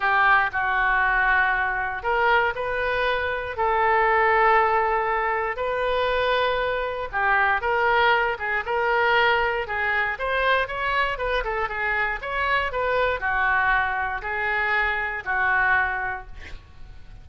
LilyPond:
\new Staff \with { instrumentName = "oboe" } { \time 4/4 \tempo 4 = 118 g'4 fis'2. | ais'4 b'2 a'4~ | a'2. b'4~ | b'2 g'4 ais'4~ |
ais'8 gis'8 ais'2 gis'4 | c''4 cis''4 b'8 a'8 gis'4 | cis''4 b'4 fis'2 | gis'2 fis'2 | }